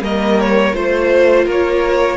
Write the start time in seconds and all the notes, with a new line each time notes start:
0.00 G3 A#3 A#4 D#5
0.40 C#5
0.74 A3 F4 C5
1.45 A#3 A#4 C#5